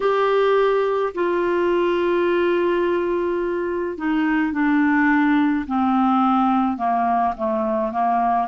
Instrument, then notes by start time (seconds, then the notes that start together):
clarinet
0.00 G4
1.14 F4
3.97 D#4
4.52 D4
5.66 C4
6.77 A#3
7.36 A3
7.92 A#3